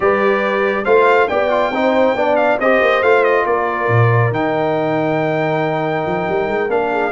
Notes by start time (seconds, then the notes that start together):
0.00 G3 G4 B4 D5
0.84 A3 F4 C5 F5
1.28 B3 G4 D5 G5
1.50 F4
1.70 C4 D#4 C5
2.15 B3 D4 D5
2.36 F5
2.57 C4 G4 C5 D#5
2.80 A#3
3.02 A3 F4 F5
3.24 D#5
3.45 A#3 A#4 D5
3.87 A#2
4.30 D#3 D#4 G5
6.06 F3
6.28 G3
6.47 G#3
6.68 A#3 D4 F5
6.91 G#4